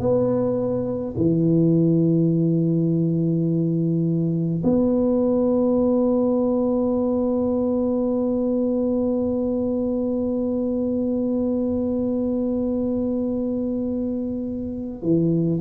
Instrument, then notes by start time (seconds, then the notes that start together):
tuba
0.00 B3
1.17 E3
4.64 B3
15.03 E3